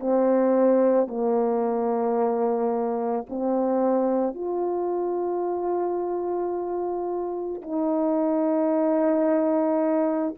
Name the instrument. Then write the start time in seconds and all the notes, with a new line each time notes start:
horn
0.00 C4
1.08 A#3
3.30 C4
4.35 F4
7.62 D#4